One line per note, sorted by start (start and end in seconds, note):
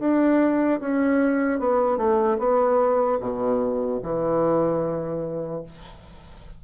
0.00 0.80 D4
0.80 1.60 C#4
1.60 1.97 B3
1.97 2.37 A3
2.39 3.19 B3
3.20 4.00 B2
4.03 5.63 E3